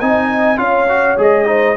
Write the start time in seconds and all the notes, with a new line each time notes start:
0.00 C4 D#4 D#5 G#5
0.57 C#4 F4 C#5 F5
0.88 F#4
1.17 G#3 G#4 D#5
1.45 D#4 C5